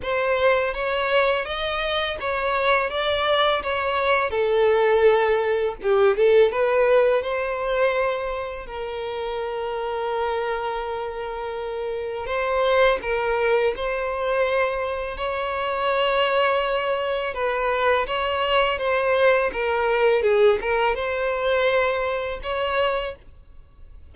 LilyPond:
\new Staff \with { instrumentName = "violin" } { \time 4/4 \tempo 4 = 83 c''4 cis''4 dis''4 cis''4 | d''4 cis''4 a'2 | g'8 a'8 b'4 c''2 | ais'1~ |
ais'4 c''4 ais'4 c''4~ | c''4 cis''2. | b'4 cis''4 c''4 ais'4 | gis'8 ais'8 c''2 cis''4 | }